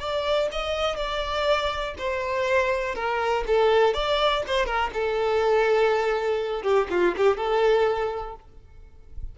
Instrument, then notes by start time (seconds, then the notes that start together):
violin
0.00 D5
0.52 D#5
0.97 D5
1.99 C5
2.95 A#4
3.47 A4
3.94 D5
4.47 C5
4.66 A#4
4.94 A4
6.63 G4
6.91 F4
7.17 G4
7.37 A4